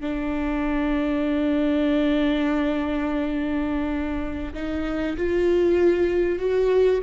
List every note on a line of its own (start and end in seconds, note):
0.00 4.53 D4
4.53 5.16 D#4
5.16 6.38 F4
6.38 7.01 F#4